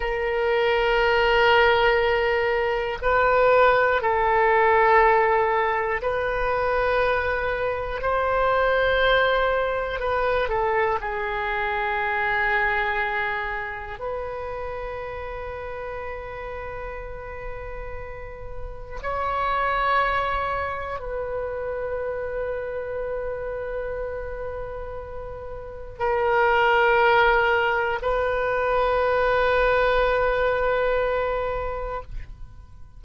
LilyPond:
\new Staff \with { instrumentName = "oboe" } { \time 4/4 \tempo 4 = 60 ais'2. b'4 | a'2 b'2 | c''2 b'8 a'8 gis'4~ | gis'2 b'2~ |
b'2. cis''4~ | cis''4 b'2.~ | b'2 ais'2 | b'1 | }